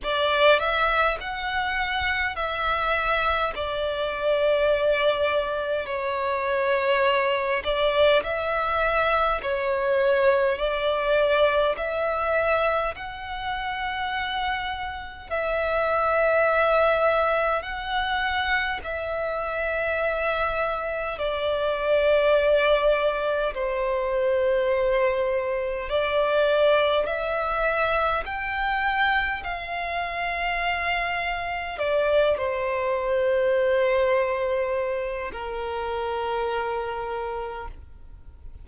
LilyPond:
\new Staff \with { instrumentName = "violin" } { \time 4/4 \tempo 4 = 51 d''8 e''8 fis''4 e''4 d''4~ | d''4 cis''4. d''8 e''4 | cis''4 d''4 e''4 fis''4~ | fis''4 e''2 fis''4 |
e''2 d''2 | c''2 d''4 e''4 | g''4 f''2 d''8 c''8~ | c''2 ais'2 | }